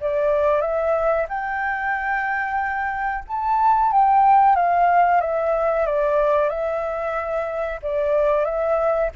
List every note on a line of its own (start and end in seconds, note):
0.00 0.61 D5
0.61 1.26 E5
1.28 3.24 G5
3.27 3.92 A5
3.92 4.55 G5
4.55 5.21 F5
5.21 5.85 E5
5.85 6.49 D5
6.49 7.79 E5
7.82 8.44 D5
8.44 9.09 E5